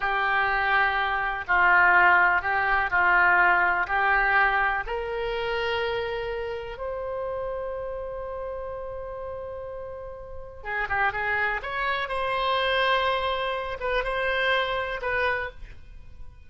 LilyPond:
\new Staff \with { instrumentName = "oboe" } { \time 4/4 \tempo 4 = 124 g'2. f'4~ | f'4 g'4 f'2 | g'2 ais'2~ | ais'2 c''2~ |
c''1~ | c''2 gis'8 g'8 gis'4 | cis''4 c''2.~ | c''8 b'8 c''2 b'4 | }